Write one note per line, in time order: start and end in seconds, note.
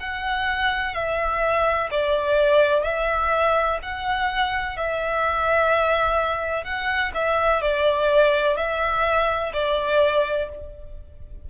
0.00 0.95 F#5
0.95 1.90 E5
1.91 2.84 D5
2.84 3.79 E5
3.83 4.77 F#5
4.77 6.65 E5
6.65 7.12 F#5
7.15 7.62 E5
7.62 8.58 D5
8.58 9.53 E5
9.54 10.49 D5